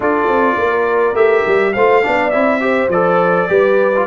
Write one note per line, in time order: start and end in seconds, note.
0.00 0.27 D4
0.00 1.15 F4
0.00 0.57 A4
0.00 1.15 D5
0.27 0.56 C4
0.57 1.13 A#3
0.57 1.73 A#4
1.13 1.42 A3
1.13 1.73 G4
1.13 1.73 E5
1.46 1.75 G3
1.73 2.05 A3
1.73 2.02 F4
1.73 2.03 C5
1.73 2.30 F5
2.02 2.34 B3
2.02 2.31 D4
2.02 2.61 D5
2.30 2.88 C4
2.30 2.60 E4
2.30 2.88 E5
2.60 2.89 G4
2.60 3.49 C5
2.88 3.46 F3
2.88 3.48 A4
2.88 4.07 D5
3.48 4.07 G3
3.48 3.92 G4
3.48 4.07 B4
3.96 4.07 F4